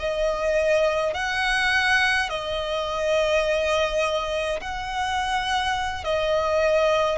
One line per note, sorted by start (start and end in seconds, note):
0.00 1.14 D#5
1.14 2.30 F#5
2.30 4.60 D#5
4.61 6.04 F#5
6.04 7.19 D#5